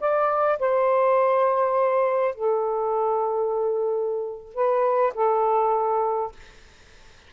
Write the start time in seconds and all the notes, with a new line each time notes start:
0.00 D5
0.59 C5
2.35 A4
4.54 B4
5.14 A4